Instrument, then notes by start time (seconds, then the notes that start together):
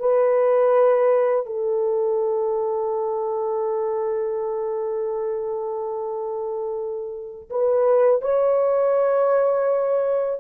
horn
0.00 B4
1.46 A4
7.50 B4
8.22 C#5